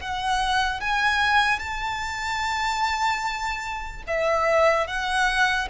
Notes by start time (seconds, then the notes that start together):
0.00 F#5
0.80 G#5
1.59 A5
4.07 E5
4.87 F#5